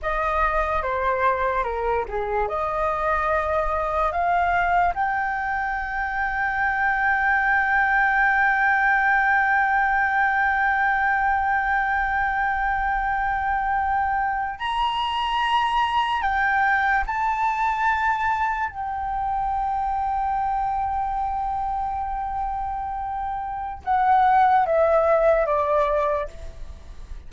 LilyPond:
\new Staff \with { instrumentName = "flute" } { \time 4/4 \tempo 4 = 73 dis''4 c''4 ais'8 gis'8 dis''4~ | dis''4 f''4 g''2~ | g''1~ | g''1~ |
g''4.~ g''16 ais''2 g''16~ | g''8. a''2 g''4~ g''16~ | g''1~ | g''4 fis''4 e''4 d''4 | }